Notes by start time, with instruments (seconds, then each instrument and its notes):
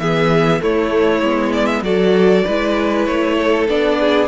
0.00 cello E3, viola B3, violin G#4 E5
0.61 viola A3, cello A3, violin E4 C#5
1.22 cello G#3, viola B3
1.53 violin D5
1.67 violin E5
1.82 cello F#3, viola F#4, violin A4 D5
2.45 cello G#3, viola E4, violin B4
3.06 cello A3, violin C#5
3.38 violin A4
3.69 cello B3, viola D4, violin D5
4.00 violin G#4